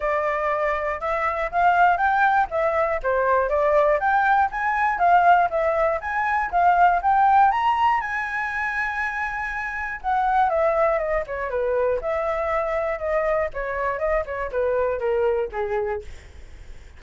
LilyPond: \new Staff \with { instrumentName = "flute" } { \time 4/4 \tempo 4 = 120 d''2 e''4 f''4 | g''4 e''4 c''4 d''4 | g''4 gis''4 f''4 e''4 | gis''4 f''4 g''4 ais''4 |
gis''1 | fis''4 e''4 dis''8 cis''8 b'4 | e''2 dis''4 cis''4 | dis''8 cis''8 b'4 ais'4 gis'4 | }